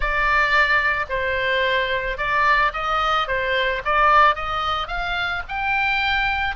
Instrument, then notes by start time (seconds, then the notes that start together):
oboe
0.00 D5
1.09 C5
2.17 D5
2.73 D#5
3.27 C5
3.84 D5
4.35 D#5
4.87 F5
5.48 G5